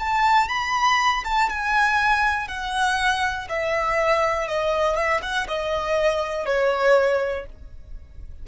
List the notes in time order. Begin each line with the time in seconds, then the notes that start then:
0.00 A5
0.49 B5
1.25 A5
1.50 G#5
2.48 F#5
3.50 E5
4.48 D#5
4.96 E5
5.23 F#5
5.48 D#5
6.46 C#5